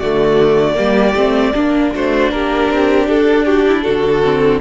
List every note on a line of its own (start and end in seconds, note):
0.00 0.78 D3
0.00 0.75 A3
0.00 0.77 F#4
0.00 1.92 D5
0.75 1.15 G3
0.75 1.14 A#3
0.75 1.54 G4
1.15 1.53 A3
1.15 1.54 C4
1.54 1.95 A#3
1.54 1.92 D4
1.54 4.24 D4
1.95 2.31 A3
1.95 2.33 F#4
1.95 2.31 C5
2.31 2.70 A#3
2.31 3.46 G4
2.31 3.08 A#4
2.70 3.08 C4
3.08 3.85 D4
3.08 3.46 A4
3.46 3.65 F#4
3.46 3.83 G4
3.68 3.84 E4
3.83 4.62 D3
3.83 4.61 F#4
3.83 4.60 A4
4.25 4.62 C4